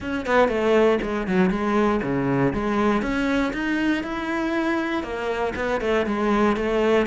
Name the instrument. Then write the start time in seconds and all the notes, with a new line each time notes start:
cello
0.00 C#4
0.25 B3
0.48 A3
1.02 G#3
1.27 F#3
1.50 G#3
2.02 C#3
2.53 G#3
3.02 C#4
3.53 D#4
4.03 E4
5.03 A#3
5.55 B3
5.80 A3
6.05 G#3
6.56 A3